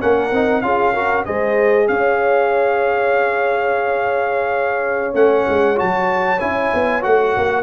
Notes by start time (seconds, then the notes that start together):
0.00 A#3 C#4 A#4 F#5
0.31 C4 D#4
0.62 C#4 F4 G#4 F5
0.94 F#4 A#4
1.25 G#3 G#4 C5 D#5
1.88 C#4 C#5 F5
5.14 A3 C#4 F#5
5.49 G#3
5.76 F#4 A5
5.82 F#3
6.40 C#4 E4 G#5
6.74 B3
7.02 A3 F#4 F#5
7.37 A#3